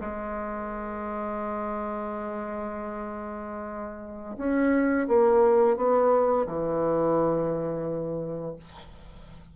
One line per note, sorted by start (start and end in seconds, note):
0.00 4.36 G#3
4.37 5.07 C#4
5.08 5.77 A#3
5.77 6.46 B3
6.47 8.56 E3